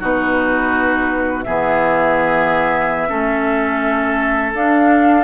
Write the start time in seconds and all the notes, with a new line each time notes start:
0.00 B2 D#4 F#4 B4
1.44 E3 B3 G#4 E5
3.09 A3 C#4 A4
4.54 D4 F5